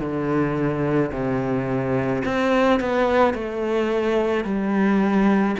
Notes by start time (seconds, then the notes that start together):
0.00 D3
1.12 C3
2.25 C4
2.80 B3
3.34 A3
4.44 G3